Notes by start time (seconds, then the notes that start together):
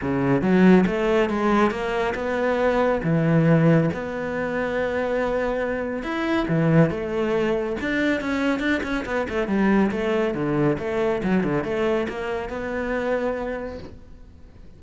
0.01 C#3
0.41 F#3
0.86 A3
1.29 G#3
1.71 A#3
2.14 B3
3.03 E3
3.93 B3
6.03 E4
6.48 E3
6.90 A3
7.80 D4
8.20 C#4
8.59 D4
8.83 C#4
9.05 B3
9.29 A3
9.47 G3
9.91 A3
10.34 D3
10.78 A3
11.23 F#3
11.43 D3
11.63 A3
12.08 A#3
12.49 B3